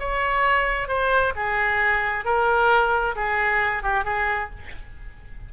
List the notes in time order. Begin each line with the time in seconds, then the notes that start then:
0.00 C#5
0.88 C5
1.36 G#4
2.25 A#4
3.16 G#4
3.83 G4
4.05 G#4